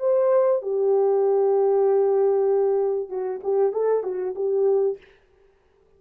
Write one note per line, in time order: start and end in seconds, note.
0.00 0.62 C5
0.62 3.10 G4
3.10 3.41 F#4
3.44 3.73 G4
3.73 4.04 A4
4.04 4.35 F#4
4.36 4.98 G4